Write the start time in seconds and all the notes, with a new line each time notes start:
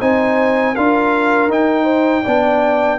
0.00 C4 D#4 C5 G#5
0.75 D4 F4 A#4 F5
1.49 D#4 G5
1.84 C5
2.24 B3 D4 D5